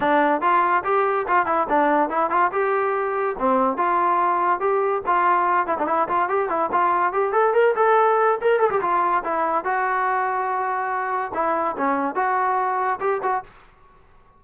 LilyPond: \new Staff \with { instrumentName = "trombone" } { \time 4/4 \tempo 4 = 143 d'4 f'4 g'4 f'8 e'8 | d'4 e'8 f'8 g'2 | c'4 f'2 g'4 | f'4. e'16 d'16 e'8 f'8 g'8 e'8 |
f'4 g'8 a'8 ais'8 a'4. | ais'8 a'16 g'16 f'4 e'4 fis'4~ | fis'2. e'4 | cis'4 fis'2 g'8 fis'8 | }